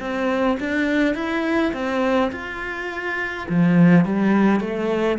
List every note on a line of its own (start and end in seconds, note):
0.00 0.58 C4
0.60 1.15 D4
1.15 1.73 E4
1.74 2.31 C4
2.32 3.47 F4
3.49 4.05 F3
4.05 4.60 G3
4.60 5.18 A3